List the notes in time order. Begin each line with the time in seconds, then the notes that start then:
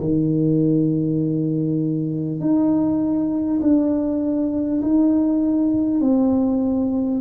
0.00 D#3
2.40 D#4
3.61 D4
4.81 D#4
6.00 C4